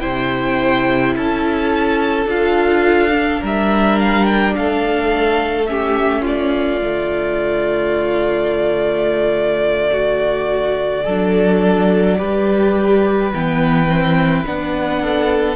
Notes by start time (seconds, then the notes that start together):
0.00 C3 E4 C5 G5
1.16 C#4 A4 A5
2.26 D4 F4 F5
3.11 D4
3.41 G3 A#4 E5
3.99 F5
4.25 G5
4.55 A3 A4 F5
5.65 C#4 G4 E5
6.21 F4 D5
6.81 D3 A3
9.92 F#4
11.03 F#3 D4 A4
12.18 G3 G4 B4
13.32 E3 B3 G5
13.88 C4
14.45 B3 D4 F#5
15.01 A4